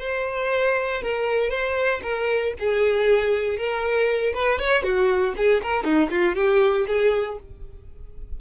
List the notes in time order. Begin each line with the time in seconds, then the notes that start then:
0.00 C5
1.02 A#4
1.50 C5
2.02 A#4
2.59 G#4
3.57 A#4
4.34 B4
4.59 C#5
4.83 F#4
5.36 G#4
5.63 A#4
5.84 D#4
6.10 F4
6.35 G4
6.87 G#4